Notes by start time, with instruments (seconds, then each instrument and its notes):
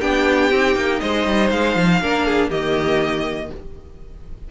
0.00 cello B3, viola D4, violin G4 G5
0.51 cello C4, viola D#4
0.76 cello A#3
1.00 cello G#3, violin C5 D#5
1.27 cello G3
1.51 cello G#3, violin F5
1.76 cello F3
2.01 cello A#3, viola D4, violin A#4
2.27 violin G#4
2.50 cello D#3, viola A#3, violin G4 D#5